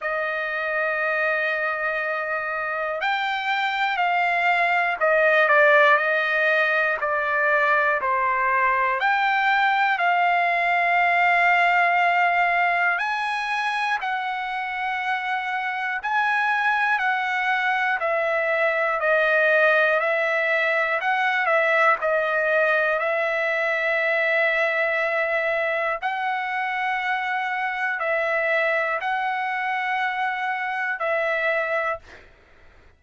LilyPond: \new Staff \with { instrumentName = "trumpet" } { \time 4/4 \tempo 4 = 60 dis''2. g''4 | f''4 dis''8 d''8 dis''4 d''4 | c''4 g''4 f''2~ | f''4 gis''4 fis''2 |
gis''4 fis''4 e''4 dis''4 | e''4 fis''8 e''8 dis''4 e''4~ | e''2 fis''2 | e''4 fis''2 e''4 | }